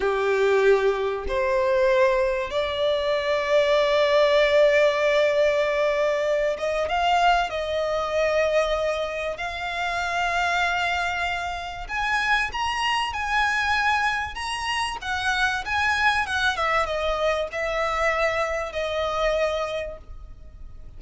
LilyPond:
\new Staff \with { instrumentName = "violin" } { \time 4/4 \tempo 4 = 96 g'2 c''2 | d''1~ | d''2~ d''8 dis''8 f''4 | dis''2. f''4~ |
f''2. gis''4 | ais''4 gis''2 ais''4 | fis''4 gis''4 fis''8 e''8 dis''4 | e''2 dis''2 | }